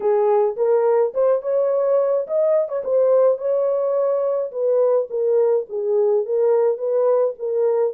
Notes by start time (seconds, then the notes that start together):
0.00 G#4
0.56 A#4
1.13 C5
1.42 C#5
2.27 D#5
2.68 C#5
2.84 C5
3.38 C#5
4.51 B4
5.09 A#4
5.69 G#4
6.25 A#4
6.77 B4
7.39 A#4